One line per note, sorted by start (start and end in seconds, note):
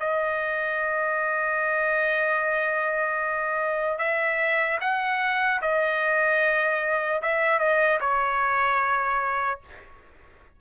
0.00 3.99 D#5
3.99 4.79 E5
4.81 5.61 F#5
5.62 7.22 D#5
7.22 7.59 E5
7.59 7.99 D#5
8.00 9.60 C#5